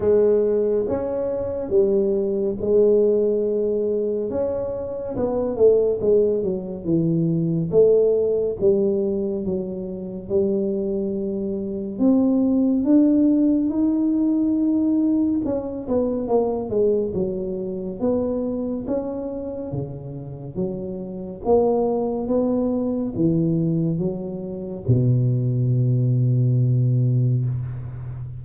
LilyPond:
\new Staff \with { instrumentName = "tuba" } { \time 4/4 \tempo 4 = 70 gis4 cis'4 g4 gis4~ | gis4 cis'4 b8 a8 gis8 fis8 | e4 a4 g4 fis4 | g2 c'4 d'4 |
dis'2 cis'8 b8 ais8 gis8 | fis4 b4 cis'4 cis4 | fis4 ais4 b4 e4 | fis4 b,2. | }